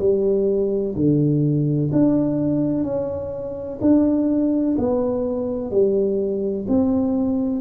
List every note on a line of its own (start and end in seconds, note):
0.00 0.95 G3
0.96 1.91 D3
1.93 2.84 D4
2.84 3.79 C#4
3.81 4.77 D4
4.78 5.71 B3
5.71 6.66 G3
6.68 7.61 C4